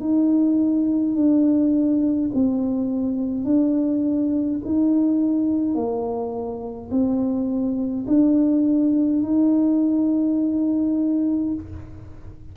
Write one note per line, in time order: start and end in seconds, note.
0.00 1.15 D#4
1.15 2.31 D4
2.34 3.44 C4
3.44 4.59 D4
4.65 5.74 D#4
5.74 6.90 A#3
6.90 8.06 C4
8.07 9.23 D4
9.23 11.53 D#4